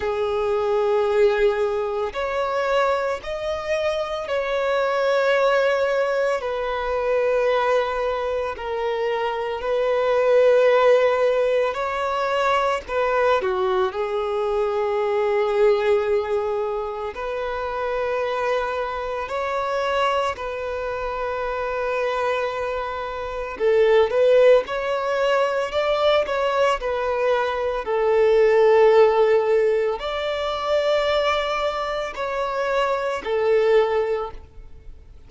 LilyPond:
\new Staff \with { instrumentName = "violin" } { \time 4/4 \tempo 4 = 56 gis'2 cis''4 dis''4 | cis''2 b'2 | ais'4 b'2 cis''4 | b'8 fis'8 gis'2. |
b'2 cis''4 b'4~ | b'2 a'8 b'8 cis''4 | d''8 cis''8 b'4 a'2 | d''2 cis''4 a'4 | }